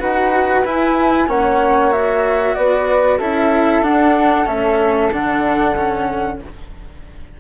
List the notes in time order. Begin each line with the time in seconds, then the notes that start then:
0.00 D#4 F#4 B4 F#5
0.65 E4 G#5
1.28 A#3 C#4 C#5 F#5
1.92 F#4 E5
2.55 B3 B4 D5
3.18 C#4 E4 A4 E5
3.82 D4 F#5
4.46 A3 C#4 E5
5.11 D3 D4 F#5
5.76 C#4